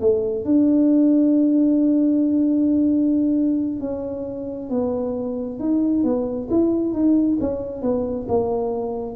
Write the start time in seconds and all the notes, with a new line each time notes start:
0.00 A3
0.44 D4
3.80 C#4
4.69 B3
5.59 D#4
6.03 B3
6.50 E4
6.93 D#4
7.40 C#4
7.82 B3
8.28 A#3